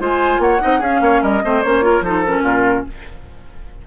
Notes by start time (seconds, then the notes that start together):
0.00 G#3 F4 C5 G#5
0.39 A#3 C#5 F#5
0.60 C4 D#4 D#5
0.80 C#4 G#4 F5
1.01 A#3 C#5
1.22 G3 A#4 D#5
1.43 A3 C4 C5
1.63 A#3 C#4 C#5
1.82 F4 A#4
2.01 F3 D#4 A4 C5
2.26 C#4 A#4
2.44 A#2 F4